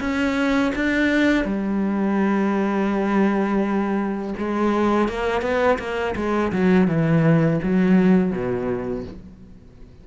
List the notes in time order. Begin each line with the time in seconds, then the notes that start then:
0.00 C#4
0.75 D4
1.45 G3
4.38 G#3
5.08 A#3
5.42 B3
5.79 A#3
6.16 G#3
6.52 F#3
6.87 E3
7.63 F#3
8.32 B2